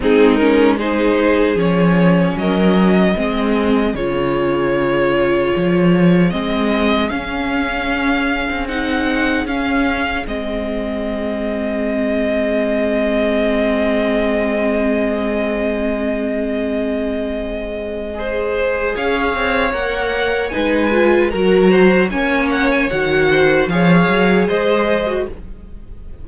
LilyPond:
<<
  \new Staff \with { instrumentName = "violin" } { \time 4/4 \tempo 4 = 76 gis'8 ais'8 c''4 cis''4 dis''4~ | dis''4 cis''2. | dis''4 f''2 fis''4 | f''4 dis''2.~ |
dis''1~ | dis''1 | f''4 fis''4 gis''4 ais''4 | gis''8 fis''16 gis''16 fis''4 f''4 dis''4 | }
  \new Staff \with { instrumentName = "violin" } { \time 4/4 dis'4 gis'2 ais'4 | gis'1~ | gis'1~ | gis'1~ |
gis'1~ | gis'2. c''4 | cis''2 b'4 ais'8 c''8 | cis''4. c''8 cis''4 c''4 | }
  \new Staff \with { instrumentName = "viola" } { \time 4/4 c'8 cis'8 dis'4 cis'2 | c'4 f'2. | c'4 cis'2 dis'4 | cis'4 c'2.~ |
c'1~ | c'2. gis'4~ | gis'4 ais'4 dis'8 f'8 fis'4 | cis'4 fis'4 gis'4.~ gis'16 fis'16 | }
  \new Staff \with { instrumentName = "cello" } { \time 4/4 gis2 f4 fis4 | gis4 cis2 f4 | gis4 cis'4.~ cis'16 c'4~ c'16 | cis'4 gis2.~ |
gis1~ | gis1 | cis'8 c'8 ais4 gis4 fis4 | ais4 dis4 f8 fis8 gis4 | }
>>